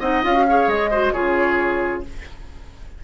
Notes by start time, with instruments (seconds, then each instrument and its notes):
0.00 bassoon C4, clarinet D#4, oboe D#5, flute F#5
0.24 bassoon C#4, clarinet F4, flute F5
0.34 clarinet F#4
0.48 clarinet G#4, oboe C#5
0.68 bassoon G#3, flute D#5
0.91 clarinet F#4, oboe C5
1.13 bassoon C#3, clarinet F4, oboe G#4, flute C#5